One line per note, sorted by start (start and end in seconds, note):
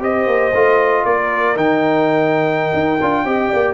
0.00 0.27 C4
0.00 0.52 G4
0.00 1.06 C5
0.00 1.05 D#5
0.27 0.52 A#3
0.53 1.05 A3
0.53 1.56 F4
1.05 1.56 A#3
1.05 3.25 A#4
1.05 1.57 D5
1.56 2.73 D#3
1.56 2.98 D#4
1.56 3.74 G5
2.73 2.99 D#4
3.01 3.24 D4
3.01 3.25 F4
3.24 3.50 C4
3.24 3.74 G4
3.24 3.49 D#5
3.49 3.74 A#3
3.49 3.74 D5